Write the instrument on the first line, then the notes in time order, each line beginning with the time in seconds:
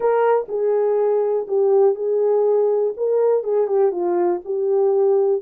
horn
0.00 A#4
0.48 G#4
1.47 G4
1.95 G#4
2.96 A#4
3.43 G#4
3.67 G4
3.91 F4
4.44 G4